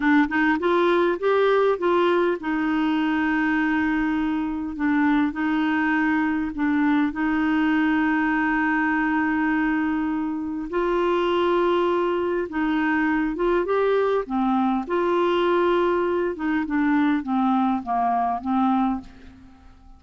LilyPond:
\new Staff \with { instrumentName = "clarinet" } { \time 4/4 \tempo 4 = 101 d'8 dis'8 f'4 g'4 f'4 | dis'1 | d'4 dis'2 d'4 | dis'1~ |
dis'2 f'2~ | f'4 dis'4. f'8 g'4 | c'4 f'2~ f'8 dis'8 | d'4 c'4 ais4 c'4 | }